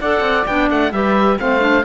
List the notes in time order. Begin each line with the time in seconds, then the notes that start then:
0.00 D4 A4 D5 F#5
0.20 C4
0.46 B3 D4 G5
0.71 A3 F#5
0.92 G3 G4 B4 E5
1.39 A3 C4 C5 F5
1.60 D4